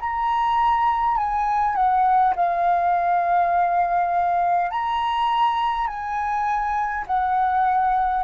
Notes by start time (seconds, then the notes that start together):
0.00 A#5
1.17 G#5
1.75 F#5
2.36 F5
4.71 A#5
5.87 G#5
7.06 F#5